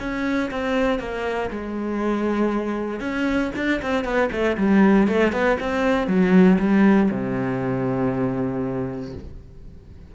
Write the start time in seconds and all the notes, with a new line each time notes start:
0.00 C#4
0.51 C4
0.99 A#3
1.51 G#3
3.00 C#4
3.56 D4
3.83 C4
4.05 B3
4.32 A3
4.58 G3
5.08 A3
5.33 B3
5.60 C4
6.07 F#3
6.59 G3
7.11 C3